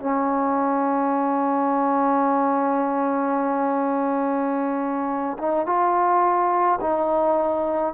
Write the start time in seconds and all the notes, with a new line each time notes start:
0.00 C#4
5.38 D#4
5.66 F4
6.81 D#4